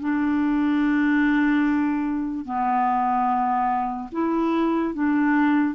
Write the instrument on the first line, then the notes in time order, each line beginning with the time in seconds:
clarinet
0.00 D4
2.45 B3
4.12 E4
4.94 D4